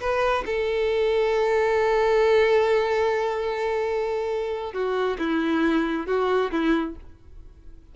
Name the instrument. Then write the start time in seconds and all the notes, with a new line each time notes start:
violin
0.00 B4
0.46 A4
4.73 F#4
5.18 E4
6.07 F#4
6.51 E4